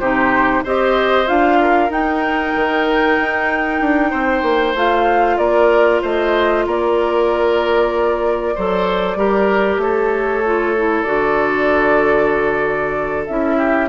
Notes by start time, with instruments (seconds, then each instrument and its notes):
0.00 bassoon C3, clarinet D#4, oboe G4, flute C5
0.64 bassoon C4, clarinet G4, oboe C5, flute D#5
1.27 bassoon D4, clarinet F4, flute F5
1.61 oboe A#4
1.90 bassoon D#4, clarinet D#4, flute G5
2.56 bassoon D#3
3.18 bassoon D#4
3.81 bassoon D4
4.10 bassoon C4, oboe C5
4.43 bassoon A#3
4.75 bassoon A3, clarinet F4, flute F5
5.38 bassoon A#3, oboe A#4, flute D5
6.02 bassoon A3, oboe C5, flute D#5
6.66 bassoon A#3, oboe A#4, flute D5
8.55 bassoon F#3, clarinet A4, oboe C5
9.16 bassoon G3, clarinet G4, oboe A#4
9.78 bassoon A3, oboe A4, flute C#5
10.45 clarinet F4
10.77 clarinet E4
11.03 bassoon D3, clarinet F#4, flute D5
13.27 bassoon C#4, clarinet E4, flute E5
13.58 oboe G4